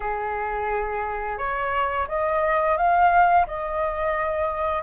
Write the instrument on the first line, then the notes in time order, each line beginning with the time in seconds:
flute
0.00 G#4
1.38 C#5
2.08 D#5
2.77 F5
3.46 D#5